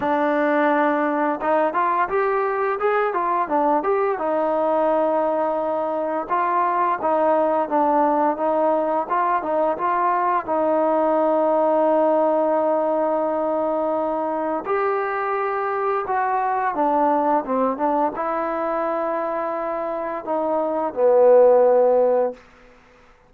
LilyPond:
\new Staff \with { instrumentName = "trombone" } { \time 4/4 \tempo 4 = 86 d'2 dis'8 f'8 g'4 | gis'8 f'8 d'8 g'8 dis'2~ | dis'4 f'4 dis'4 d'4 | dis'4 f'8 dis'8 f'4 dis'4~ |
dis'1~ | dis'4 g'2 fis'4 | d'4 c'8 d'8 e'2~ | e'4 dis'4 b2 | }